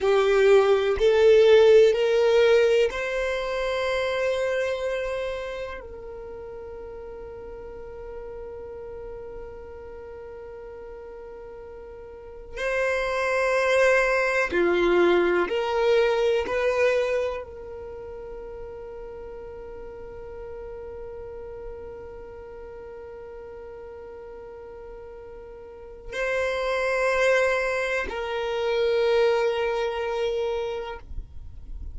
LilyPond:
\new Staff \with { instrumentName = "violin" } { \time 4/4 \tempo 4 = 62 g'4 a'4 ais'4 c''4~ | c''2 ais'2~ | ais'1~ | ais'4 c''2 f'4 |
ais'4 b'4 ais'2~ | ais'1~ | ais'2. c''4~ | c''4 ais'2. | }